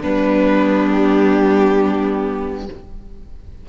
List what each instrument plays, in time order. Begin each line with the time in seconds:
0.00 cello G3, viola B3, violin D4 B4
0.89 violin G4